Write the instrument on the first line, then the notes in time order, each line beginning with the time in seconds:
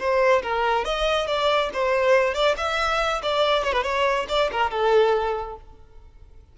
violin
0.00 C5
0.43 A#4
0.85 D#5
1.28 D5
1.74 C5
2.35 D5
2.58 E5
3.23 D5
3.64 C#5
3.73 B4
3.84 C#5
4.29 D5
4.52 A#4
4.71 A4